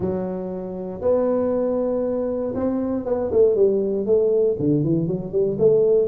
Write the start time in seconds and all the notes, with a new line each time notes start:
0.00 F#3
1.01 B3
2.54 C4
3.05 B3
3.31 A3
3.55 G3
4.05 A3
4.59 D3
4.83 E3
5.07 F#3
5.32 G3
5.58 A3